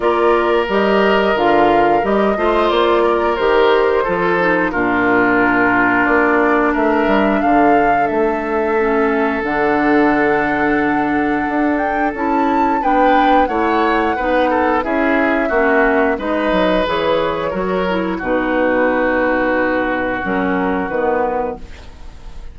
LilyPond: <<
  \new Staff \with { instrumentName = "flute" } { \time 4/4 \tempo 4 = 89 d''4 dis''4 f''4 dis''4 | d''4 c''2 ais'4~ | ais'4 d''4 e''4 f''4 | e''2 fis''2~ |
fis''4. g''8 a''4 g''4 | fis''2 e''2 | dis''4 cis''2 b'4~ | b'2 ais'4 b'4 | }
  \new Staff \with { instrumentName = "oboe" } { \time 4/4 ais'2.~ ais'8 c''8~ | c''8 ais'4. a'4 f'4~ | f'2 ais'4 a'4~ | a'1~ |
a'2. b'4 | cis''4 b'8 a'8 gis'4 fis'4 | b'2 ais'4 fis'4~ | fis'1 | }
  \new Staff \with { instrumentName = "clarinet" } { \time 4/4 f'4 g'4 f'4 g'8 f'8~ | f'4 g'4 f'8 dis'8 d'4~ | d'1~ | d'4 cis'4 d'2~ |
d'2 e'4 d'4 | e'4 dis'4 e'4 cis'4 | dis'4 gis'4 fis'8 e'8 dis'4~ | dis'2 cis'4 b4 | }
  \new Staff \with { instrumentName = "bassoon" } { \time 4/4 ais4 g4 d4 g8 a8 | ais4 dis4 f4 ais,4~ | ais,4 ais4 a8 g8 d4 | a2 d2~ |
d4 d'4 cis'4 b4 | a4 b4 cis'4 ais4 | gis8 fis8 e4 fis4 b,4~ | b,2 fis4 dis4 | }
>>